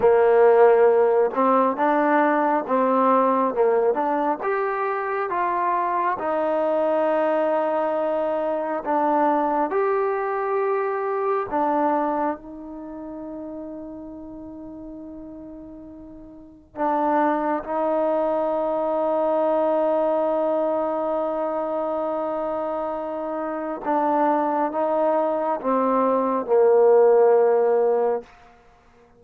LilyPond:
\new Staff \with { instrumentName = "trombone" } { \time 4/4 \tempo 4 = 68 ais4. c'8 d'4 c'4 | ais8 d'8 g'4 f'4 dis'4~ | dis'2 d'4 g'4~ | g'4 d'4 dis'2~ |
dis'2. d'4 | dis'1~ | dis'2. d'4 | dis'4 c'4 ais2 | }